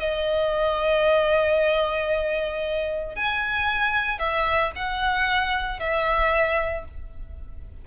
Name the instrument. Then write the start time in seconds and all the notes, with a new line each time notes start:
violin
0.00 D#5
3.16 G#5
4.19 E5
4.76 F#5
5.80 E5